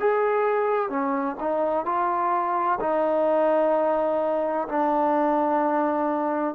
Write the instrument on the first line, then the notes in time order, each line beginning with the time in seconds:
trombone
0.00 G#4
0.89 C#4
1.40 D#4
1.85 F4
2.80 D#4
4.68 D4